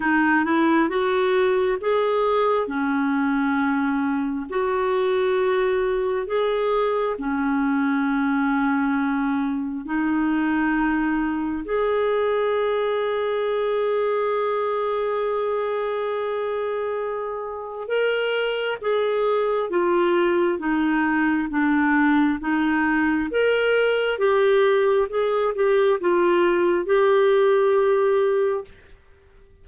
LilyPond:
\new Staff \with { instrumentName = "clarinet" } { \time 4/4 \tempo 4 = 67 dis'8 e'8 fis'4 gis'4 cis'4~ | cis'4 fis'2 gis'4 | cis'2. dis'4~ | dis'4 gis'2.~ |
gis'1 | ais'4 gis'4 f'4 dis'4 | d'4 dis'4 ais'4 g'4 | gis'8 g'8 f'4 g'2 | }